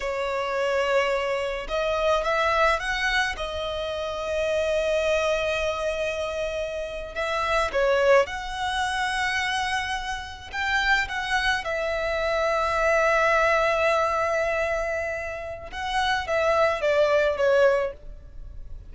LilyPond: \new Staff \with { instrumentName = "violin" } { \time 4/4 \tempo 4 = 107 cis''2. dis''4 | e''4 fis''4 dis''2~ | dis''1~ | dis''8. e''4 cis''4 fis''4~ fis''16~ |
fis''2~ fis''8. g''4 fis''16~ | fis''8. e''2.~ e''16~ | e''1 | fis''4 e''4 d''4 cis''4 | }